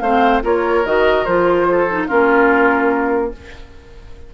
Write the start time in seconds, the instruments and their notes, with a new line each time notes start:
0.00 bassoon A3, clarinet C4, oboe C5, flute F5
0.43 bassoon A#3, clarinet F4, oboe A#4, flute C#5
0.85 bassoon D#3, clarinet F#4, flute D#5
1.25 bassoon F3, clarinet F4, flute C5
1.70 oboe A4
1.90 clarinet D#4
2.08 bassoon A#3, clarinet C#4, oboe F4, flute A#4